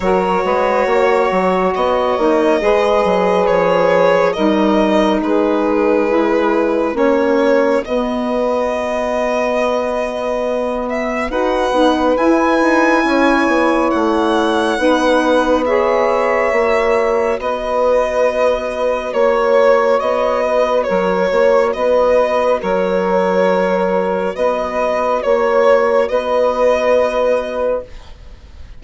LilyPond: <<
  \new Staff \with { instrumentName = "violin" } { \time 4/4 \tempo 4 = 69 cis''2 dis''2 | cis''4 dis''4 b'2 | cis''4 dis''2.~ | dis''8 e''8 fis''4 gis''2 |
fis''2 e''2 | dis''2 cis''4 dis''4 | cis''4 dis''4 cis''2 | dis''4 cis''4 dis''2 | }
  \new Staff \with { instrumentName = "saxophone" } { \time 4/4 ais'8 b'8 cis''2 b'4~ | b'4 ais'4 gis'2 | fis'1~ | fis'4 b'2 cis''4~ |
cis''4 b'4 cis''2 | b'2 cis''4. b'8 | ais'8 cis''8 b'4 ais'2 | b'4 cis''4 b'2 | }
  \new Staff \with { instrumentName = "saxophone" } { \time 4/4 fis'2~ fis'8 dis'8 gis'4~ | gis'4 dis'2 e'4 | cis'4 b2.~ | b4 fis'8 dis'8 e'2~ |
e'4 dis'4 gis'4 fis'4~ | fis'1~ | fis'1~ | fis'1 | }
  \new Staff \with { instrumentName = "bassoon" } { \time 4/4 fis8 gis8 ais8 fis8 b8 ais8 gis8 fis8 | f4 g4 gis2 | ais4 b2.~ | b4 dis'8 b8 e'8 dis'8 cis'8 b8 |
a4 b2 ais4 | b2 ais4 b4 | fis8 ais8 b4 fis2 | b4 ais4 b2 | }
>>